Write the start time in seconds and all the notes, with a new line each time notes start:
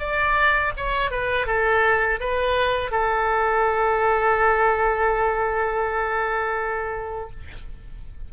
0.00 D5
0.77 C#5
1.11 B4
1.47 A4
2.20 B4
2.92 A4